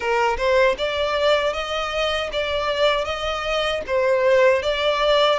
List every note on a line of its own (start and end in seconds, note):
0.00 0.36 A#4
0.37 0.75 C5
0.78 1.53 D5
1.53 2.30 D#5
2.32 3.04 D5
3.04 3.81 D#5
3.86 4.62 C5
4.62 5.39 D5